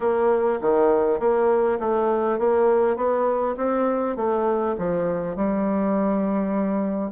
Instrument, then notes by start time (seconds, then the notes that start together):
bassoon
0.00 A#3
0.61 D#3
1.19 A#3
1.79 A3
2.38 A#3
2.96 B3
3.56 C4
4.16 A3
4.78 F3
5.36 G3